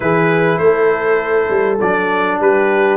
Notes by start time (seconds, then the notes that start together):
0.00 E3 E4 G#4 B4
0.58 A3 A4 C5
1.49 G3
1.80 F#3 D4 D5
2.40 G3 G4 B4